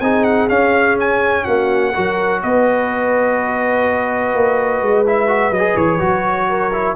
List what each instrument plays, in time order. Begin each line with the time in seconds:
0.00 tuba C4, trombone D#4, horn G#4, trumpet G#5
0.24 trumpet F#5
0.49 tuba C#4, trombone C#4, trumpet F5
1.00 trumpet G#5
1.44 tuba A#3, horn F#4, trumpet F#5
1.94 tuba F#3, trombone F#4, horn A#4
2.43 tuba B3, horn B4, trumpet D#5
4.35 tuba A#3
4.82 tuba G#3
5.06 trombone E4, trumpet E5
5.27 trombone F#4
5.50 tuba F#3, trumpet D#5
5.58 trombone G#4
5.76 tuba E3, trumpet C#5
5.99 tuba F#3, trombone F#4
6.48 horn A#4
6.73 trombone E4